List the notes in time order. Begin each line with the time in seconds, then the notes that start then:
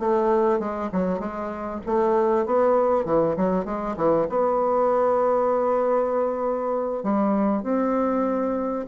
0.00 A3
0.60 G#3
0.93 F#3
1.20 G#3
1.87 A3
2.46 B3
3.06 E3
3.37 F#3
3.65 G#3
3.97 E3
4.30 B3
7.04 G3
7.63 C4